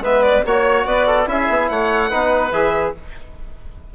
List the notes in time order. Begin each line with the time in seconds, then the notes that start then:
0.00 G#3 B3 B4 E5
0.23 D5
0.46 A#3 F#4 C#5
0.86 B3 B4 D5
1.07 A4
1.27 C#4 E4 G#4 E5
1.50 B3
1.69 A3 C#5 F#5
2.10 B3 D#4 B4
2.52 E3 G#4 E5